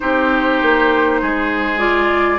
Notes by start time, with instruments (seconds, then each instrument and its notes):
0.00 bassoon C4, clarinet D#4, oboe G4, flute C5
0.61 bassoon A#3
1.21 bassoon G#3, oboe G#4
1.78 clarinet F4, flute D5